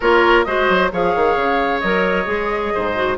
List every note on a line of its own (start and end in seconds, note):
0.00 0.46 A#3
0.00 0.46 F4
0.00 0.45 A#4
0.00 0.44 C#5
0.44 0.69 G#3
0.44 0.91 F#4
0.44 0.92 C5
0.44 0.89 D#5
0.69 0.91 F#3
0.92 1.15 F3
0.92 1.83 G#4
0.92 2.73 C#5
0.92 1.80 F5
1.15 1.36 D#3
1.36 1.81 C#3
1.80 2.26 F#3
1.80 2.25 A#4
1.80 3.16 D#5
2.25 2.72 G#3
2.25 2.93 G#4
2.73 3.18 G#2
2.73 3.18 C5
2.94 3.17 F#4